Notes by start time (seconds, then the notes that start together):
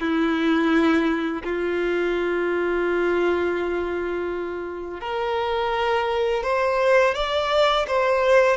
0.00 E4
1.44 F4
5.00 A#4
6.43 C5
7.14 D5
7.87 C5